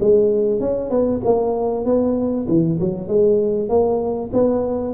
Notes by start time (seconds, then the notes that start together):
0.00 G#3
0.60 C#4
0.90 B3
1.24 A#3
1.85 B3
2.48 E3
2.80 F#3
3.08 G#3
3.69 A#3
4.33 B3